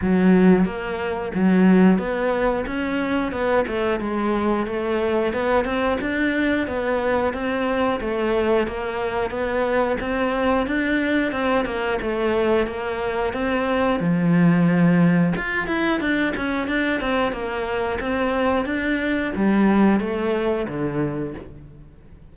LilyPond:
\new Staff \with { instrumentName = "cello" } { \time 4/4 \tempo 4 = 90 fis4 ais4 fis4 b4 | cis'4 b8 a8 gis4 a4 | b8 c'8 d'4 b4 c'4 | a4 ais4 b4 c'4 |
d'4 c'8 ais8 a4 ais4 | c'4 f2 f'8 e'8 | d'8 cis'8 d'8 c'8 ais4 c'4 | d'4 g4 a4 d4 | }